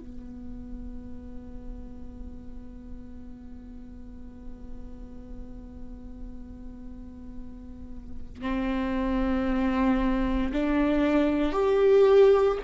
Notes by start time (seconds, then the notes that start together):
0.00 B3
8.42 C4
10.53 D4
11.53 G4